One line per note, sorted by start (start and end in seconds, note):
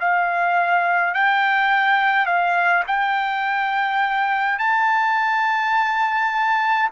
0.00 1.14 F5
1.14 2.26 G5
2.26 2.84 F5
2.87 4.59 G5
4.59 6.90 A5